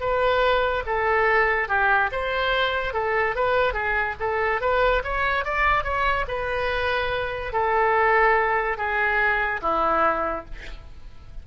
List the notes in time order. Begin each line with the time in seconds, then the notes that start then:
0.00 B4
0.86 A4
1.68 G4
2.12 C5
2.94 A4
3.35 B4
3.73 G#4
4.20 A4
4.61 B4
5.04 C#5
5.44 D5
5.84 C#5
6.28 B4
7.53 A4
8.77 G#4
9.61 E4